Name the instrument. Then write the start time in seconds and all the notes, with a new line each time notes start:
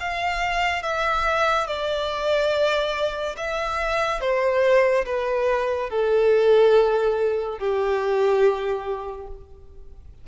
violin
0.00 F5
0.83 E5
1.67 D5
3.37 E5
4.21 C5
5.05 B4
5.90 A4
7.59 G4